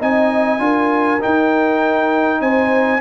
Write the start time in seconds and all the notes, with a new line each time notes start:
0.00 C4 D#4 D#5 G#5
0.59 D4 F4 A#4
1.21 D#4 G5
2.41 C4 C5 G#5